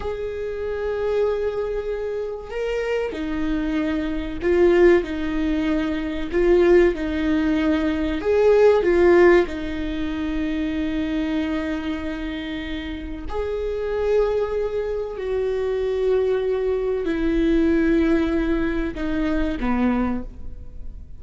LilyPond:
\new Staff \with { instrumentName = "viola" } { \time 4/4 \tempo 4 = 95 gis'1 | ais'4 dis'2 f'4 | dis'2 f'4 dis'4~ | dis'4 gis'4 f'4 dis'4~ |
dis'1~ | dis'4 gis'2. | fis'2. e'4~ | e'2 dis'4 b4 | }